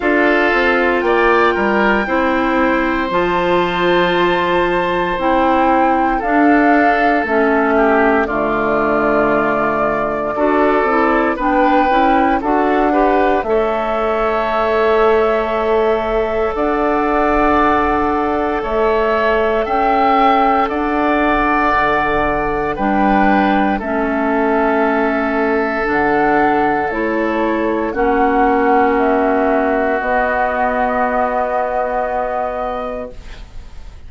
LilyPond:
<<
  \new Staff \with { instrumentName = "flute" } { \time 4/4 \tempo 4 = 58 f''4 g''2 a''4~ | a''4 g''4 f''4 e''4 | d''2. g''4 | fis''4 e''2. |
fis''2 e''4 g''4 | fis''2 g''4 e''4~ | e''4 fis''4 cis''4 fis''4 | e''4 dis''2. | }
  \new Staff \with { instrumentName = "oboe" } { \time 4/4 a'4 d''8 ais'8 c''2~ | c''2 a'4. g'8 | f'2 a'4 b'4 | a'8 b'8 cis''2. |
d''2 cis''4 e''4 | d''2 b'4 a'4~ | a'2. fis'4~ | fis'1 | }
  \new Staff \with { instrumentName = "clarinet" } { \time 4/4 f'2 e'4 f'4~ | f'4 e'4 d'4 cis'4 | a2 fis'8 e'8 d'8 e'8 | fis'8 g'8 a'2.~ |
a'1~ | a'2 d'4 cis'4~ | cis'4 d'4 e'4 cis'4~ | cis'4 b2. | }
  \new Staff \with { instrumentName = "bassoon" } { \time 4/4 d'8 c'8 ais8 g8 c'4 f4~ | f4 c'4 d'4 a4 | d2 d'8 c'8 b8 cis'8 | d'4 a2. |
d'2 a4 cis'4 | d'4 d4 g4 a4~ | a4 d4 a4 ais4~ | ais4 b2. | }
>>